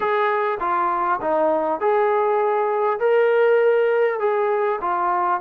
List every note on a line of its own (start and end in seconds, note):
0.00 0.58 G#4
0.60 1.20 F4
1.21 1.80 D#4
1.80 2.99 G#4
2.99 4.19 A#4
4.19 4.79 G#4
4.81 5.40 F4